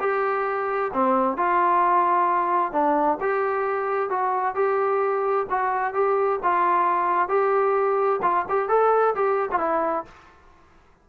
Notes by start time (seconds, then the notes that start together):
0.00 G4
0.93 C4
1.37 F4
2.72 D4
3.20 G4
4.10 F#4
4.55 G4
5.50 F#4
5.94 G4
6.43 F4
7.29 G4
8.22 F4
8.49 G4
8.69 A4
9.15 G4
9.51 F4
9.59 E4